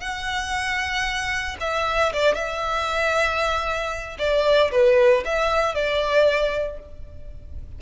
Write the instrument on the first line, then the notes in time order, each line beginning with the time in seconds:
violin
0.00 F#5
1.60 E5
2.13 D5
2.35 E5
4.19 D5
4.71 B4
5.25 E5
5.75 D5